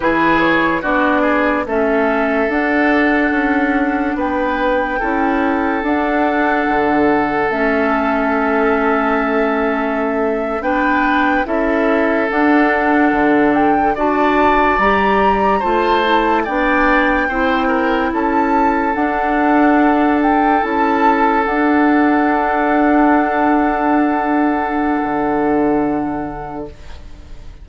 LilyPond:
<<
  \new Staff \with { instrumentName = "flute" } { \time 4/4 \tempo 4 = 72 b'8 cis''8 d''4 e''4 fis''4~ | fis''4 g''2 fis''4~ | fis''4 e''2.~ | e''8. g''4 e''4 fis''4~ fis''16~ |
fis''16 g''8 a''4 ais''4 a''4 g''16~ | g''4.~ g''16 a''4 fis''4~ fis''16~ | fis''16 g''8 a''4 fis''2~ fis''16~ | fis''1 | }
  \new Staff \with { instrumentName = "oboe" } { \time 4/4 gis'4 fis'8 gis'8 a'2~ | a'4 b'4 a'2~ | a'1~ | a'8. b'4 a'2~ a'16~ |
a'8. d''2 c''4 d''16~ | d''8. c''8 ais'8 a'2~ a'16~ | a'1~ | a'1 | }
  \new Staff \with { instrumentName = "clarinet" } { \time 4/4 e'4 d'4 cis'4 d'4~ | d'2 e'4 d'4~ | d'4 cis'2.~ | cis'8. d'4 e'4 d'4~ d'16~ |
d'8. fis'4 g'4 f'8 e'8 d'16~ | d'8. e'2 d'4~ d'16~ | d'8. e'4 d'2~ d'16~ | d'1 | }
  \new Staff \with { instrumentName = "bassoon" } { \time 4/4 e4 b4 a4 d'4 | cis'4 b4 cis'4 d'4 | d4 a2.~ | a8. b4 cis'4 d'4 d16~ |
d8. d'4 g4 a4 b16~ | b8. c'4 cis'4 d'4~ d'16~ | d'8. cis'4 d'2~ d'16~ | d'2 d2 | }
>>